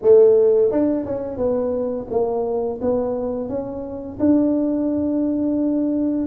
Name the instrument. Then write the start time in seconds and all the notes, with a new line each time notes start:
tuba
0.02 A3
0.71 D4
1.05 C#4
1.37 B3
2.10 A#3
2.81 B3
3.48 C#4
4.19 D4